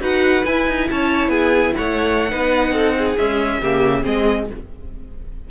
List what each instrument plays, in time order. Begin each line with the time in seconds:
0.00 cello D#4, viola F#4, violin B4 F#5
0.45 cello E4, viola E4, violin G#5
0.68 cello D#4
0.90 cello C#4, violin C#5 A5
1.28 cello B3, violin G#4 G#5
1.76 cello A3, violin C#5 F#5
2.30 cello B3, viola D#4, violin B4
2.71 cello C4, violin A4
2.98 violin G#4
3.17 viola G#3, cello C#4, violin E5
3.61 cello C#3, viola A#3, violin G4
4.03 cello G#3, viola C4, violin G#4 D#5